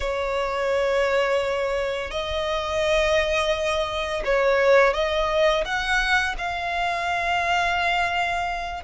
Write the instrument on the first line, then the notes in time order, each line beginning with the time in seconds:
violin
0.00 C#5
2.10 D#5
4.24 C#5
4.93 D#5
5.64 F#5
6.38 F5